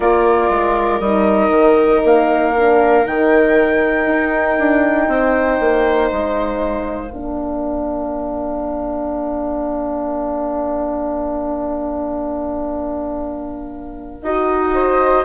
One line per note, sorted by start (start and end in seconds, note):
0.00 0.49 A#3
0.00 1.01 F4
0.00 5.09 A#4
0.00 1.00 D5
0.49 1.00 G#3
1.00 1.49 G3
1.00 2.54 D#4
1.00 2.01 D#5
1.49 2.00 D#3
2.04 3.06 A#3
2.04 3.06 F5
2.56 3.04 D4
3.04 4.06 D#3
3.04 7.11 D#4
3.04 6.10 G5
4.06 4.57 D#4
4.58 5.08 D4
5.08 5.58 C4
5.08 7.11 C5
5.60 6.11 A#3
6.10 7.11 G#3
6.10 14.22 F5
7.11 14.22 A#3
7.11 14.24 D4
7.11 14.73 A#4
14.22 15.23 D#4
14.22 15.25 F#4
14.22 15.24 D#5
14.74 15.25 C5